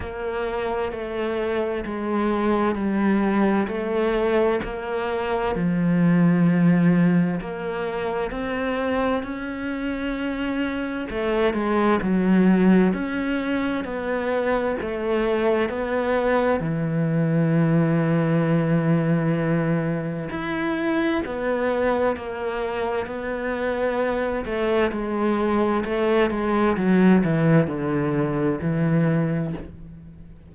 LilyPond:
\new Staff \with { instrumentName = "cello" } { \time 4/4 \tempo 4 = 65 ais4 a4 gis4 g4 | a4 ais4 f2 | ais4 c'4 cis'2 | a8 gis8 fis4 cis'4 b4 |
a4 b4 e2~ | e2 e'4 b4 | ais4 b4. a8 gis4 | a8 gis8 fis8 e8 d4 e4 | }